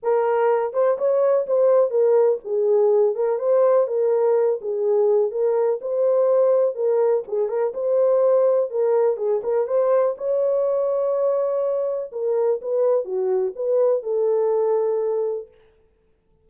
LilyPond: \new Staff \with { instrumentName = "horn" } { \time 4/4 \tempo 4 = 124 ais'4. c''8 cis''4 c''4 | ais'4 gis'4. ais'8 c''4 | ais'4. gis'4. ais'4 | c''2 ais'4 gis'8 ais'8 |
c''2 ais'4 gis'8 ais'8 | c''4 cis''2.~ | cis''4 ais'4 b'4 fis'4 | b'4 a'2. | }